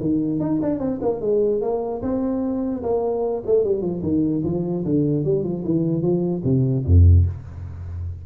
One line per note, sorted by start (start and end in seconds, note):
0.00 0.40 D#3
0.40 0.60 D#4
0.62 0.79 D4
0.79 0.99 C4
1.02 1.21 A#3
1.21 1.61 G#3
1.61 2.02 A#3
2.02 2.83 C4
2.83 3.43 A#3
3.46 3.64 A3
3.64 3.82 G3
3.82 4.02 F3
4.03 4.43 D#3
4.44 4.84 F3
4.85 5.25 D3
5.25 5.43 G3
5.43 5.64 F3
5.64 6.02 E3
6.02 6.42 F3
6.44 6.84 C3
6.85 7.26 F2